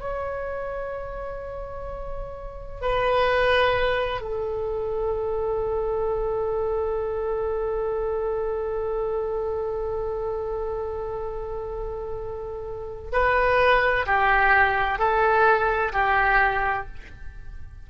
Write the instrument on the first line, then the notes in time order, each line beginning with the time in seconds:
oboe
0.00 C#5
2.81 B4
4.21 A4
13.12 B4
14.06 G4
14.99 A4
15.93 G4